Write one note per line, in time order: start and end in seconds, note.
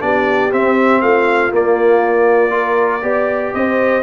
0.00 0.52 B3
0.00 0.50 D4
0.00 1.03 G4
0.00 0.51 D5
0.51 1.51 C4
0.51 1.02 C4
0.51 1.01 E5
1.01 1.52 A3
1.01 2.53 F4
1.01 1.51 F5
1.51 2.50 A#3
1.51 3.03 A#3
1.51 3.54 D5
2.50 3.01 F4
2.50 3.03 A#4
3.01 3.53 B3
3.01 4.02 G4
3.01 3.54 D5
3.54 4.03 C4
3.54 4.03 C5
3.54 4.03 D#5